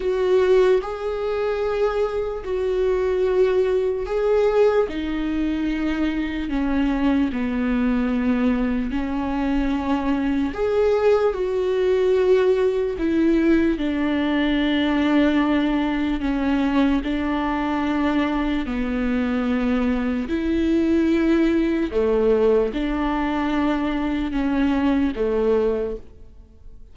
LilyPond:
\new Staff \with { instrumentName = "viola" } { \time 4/4 \tempo 4 = 74 fis'4 gis'2 fis'4~ | fis'4 gis'4 dis'2 | cis'4 b2 cis'4~ | cis'4 gis'4 fis'2 |
e'4 d'2. | cis'4 d'2 b4~ | b4 e'2 a4 | d'2 cis'4 a4 | }